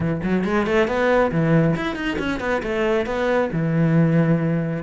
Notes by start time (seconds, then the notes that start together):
0.00 E3
0.23 F#3
0.44 G#3
0.66 A3
0.87 B3
1.31 E3
1.75 E4
1.95 D#4
2.18 C#4
2.39 B3
2.63 A3
3.06 B3
3.52 E3